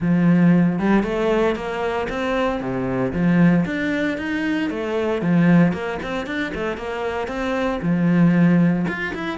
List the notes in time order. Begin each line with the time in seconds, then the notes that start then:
0.00 F3
0.79 G3
1.03 A3
1.55 A#3
2.09 C4
2.60 C3
3.13 F3
3.65 D4
4.17 D#4
4.70 A3
5.21 F3
5.72 A#3
6.02 C4
6.26 D4
6.54 A3
6.77 A#3
7.27 C4
7.81 F3
8.87 F4
9.14 E4